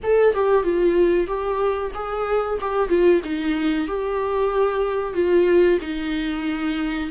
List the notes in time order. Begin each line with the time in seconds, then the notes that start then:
0.03 A4
0.34 G4
0.63 F4
1.27 G4
1.94 G#4
2.60 G4
2.89 F4
3.24 D#4
3.87 G4
5.14 F4
5.81 D#4